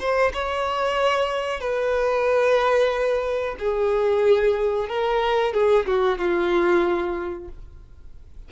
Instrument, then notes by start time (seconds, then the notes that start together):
violin
0.00 C5
0.33 C#5
1.60 B4
3.59 G#4
4.89 A#4
5.53 G#4
5.86 F#4
6.18 F4